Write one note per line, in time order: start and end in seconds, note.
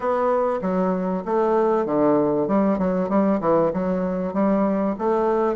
0.00 0.59 B3
0.61 1.23 F#3
1.25 1.85 A3
1.85 2.47 D3
2.47 2.78 G3
2.78 3.09 F#3
3.09 3.40 G3
3.40 3.71 E3
3.73 4.33 F#3
4.33 4.95 G3
4.98 5.56 A3